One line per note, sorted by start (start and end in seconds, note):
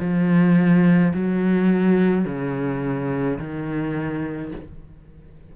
0.00 1.13 F3
1.14 2.25 F#3
2.25 3.39 C#3
3.39 4.52 D#3